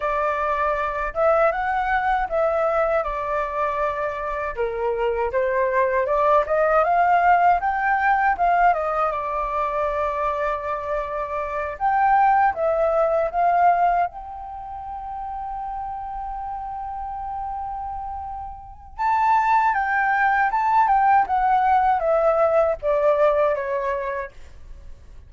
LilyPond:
\new Staff \with { instrumentName = "flute" } { \time 4/4 \tempo 4 = 79 d''4. e''8 fis''4 e''4 | d''2 ais'4 c''4 | d''8 dis''8 f''4 g''4 f''8 dis''8 | d''2.~ d''8 g''8~ |
g''8 e''4 f''4 g''4.~ | g''1~ | g''4 a''4 g''4 a''8 g''8 | fis''4 e''4 d''4 cis''4 | }